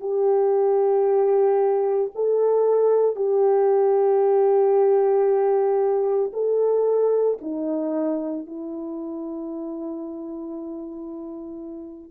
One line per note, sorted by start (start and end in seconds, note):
0.00 2.11 G4
2.15 3.16 A4
3.16 6.32 G4
6.33 7.38 A4
7.41 8.46 D#4
8.46 12.11 E4